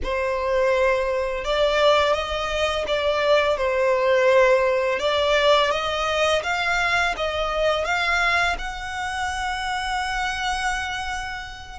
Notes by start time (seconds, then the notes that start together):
0.03 C5
1.44 D5
2.13 D#5
2.87 D5
3.57 C5
4.99 D5
5.70 D#5
6.43 F5
7.16 D#5
7.84 F5
8.58 F#5